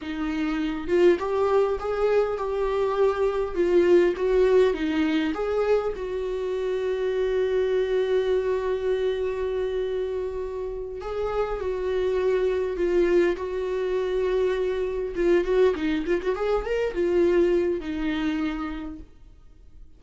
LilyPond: \new Staff \with { instrumentName = "viola" } { \time 4/4 \tempo 4 = 101 dis'4. f'8 g'4 gis'4 | g'2 f'4 fis'4 | dis'4 gis'4 fis'2~ | fis'1~ |
fis'2~ fis'8 gis'4 fis'8~ | fis'4. f'4 fis'4.~ | fis'4. f'8 fis'8 dis'8 f'16 fis'16 gis'8 | ais'8 f'4. dis'2 | }